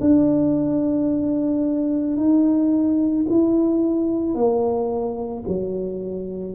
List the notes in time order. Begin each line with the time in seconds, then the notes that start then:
0.00 D4
2.17 D#4
3.29 E4
4.35 A#3
5.47 F#3